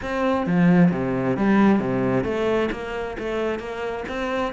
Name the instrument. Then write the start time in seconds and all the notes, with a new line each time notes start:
cello
0.01 C4
0.46 F3
0.91 C3
1.36 G3
1.79 C3
2.24 A3
2.71 A#3
3.18 A3
3.59 A#3
4.08 C4